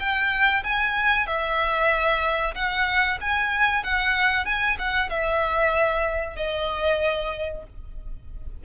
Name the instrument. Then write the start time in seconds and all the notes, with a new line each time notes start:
violin
0.00 G5
0.64 G#5
1.27 E5
2.55 F#5
3.21 G#5
3.84 F#5
4.46 G#5
4.79 F#5
5.10 E5
6.36 D#5